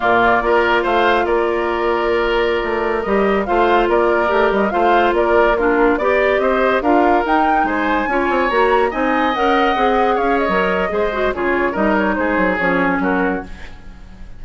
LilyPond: <<
  \new Staff \with { instrumentName = "flute" } { \time 4/4 \tempo 4 = 143 d''2 f''4 d''4~ | d''2.~ d''16 dis''8.~ | dis''16 f''4 d''4. dis''8 f''8.~ | f''16 d''4 ais'4 d''4 dis''8.~ |
dis''16 f''4 g''4 gis''4.~ gis''16~ | gis''16 ais''4 gis''4 fis''4.~ fis''16~ | fis''16 f''8 dis''2~ dis''16 cis''4 | dis''8 cis''8 c''4 cis''4 ais'4 | }
  \new Staff \with { instrumentName = "oboe" } { \time 4/4 f'4 ais'4 c''4 ais'4~ | ais'1~ | ais'16 c''4 ais'2 c''8.~ | c''16 ais'4 f'4 d''4 c''8.~ |
c''16 ais'2 c''4 cis''8.~ | cis''4~ cis''16 dis''2~ dis''8.~ | dis''16 cis''4.~ cis''16 c''4 gis'4 | ais'4 gis'2 fis'4 | }
  \new Staff \with { instrumentName = "clarinet" } { \time 4/4 ais4 f'2.~ | f'2.~ f'16 g'8.~ | g'16 f'2 g'4 f'8.~ | f'4~ f'16 d'4 g'4.~ g'16~ |
g'16 f'4 dis'2 f'8.~ | f'16 fis'4 dis'4 ais'4 gis'8.~ | gis'4 ais'4 gis'8 fis'8 f'4 | dis'2 cis'2 | }
  \new Staff \with { instrumentName = "bassoon" } { \time 4/4 ais,4 ais4 a4 ais4~ | ais2~ ais16 a4 g8.~ | g16 a4 ais4 a8 g8 a8.~ | a16 ais2 b4 c'8.~ |
c'16 d'4 dis'4 gis4 cis'8 c'16~ | c'16 ais4 c'4 cis'4 c'8.~ | c'16 cis'8. fis4 gis4 cis4 | g4 gis8 fis8 f4 fis4 | }
>>